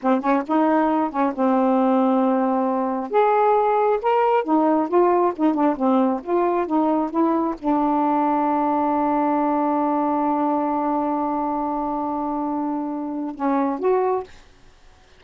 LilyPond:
\new Staff \with { instrumentName = "saxophone" } { \time 4/4 \tempo 4 = 135 c'8 cis'8 dis'4. cis'8 c'4~ | c'2. gis'4~ | gis'4 ais'4 dis'4 f'4 | dis'8 d'8 c'4 f'4 dis'4 |
e'4 d'2.~ | d'1~ | d'1~ | d'2 cis'4 fis'4 | }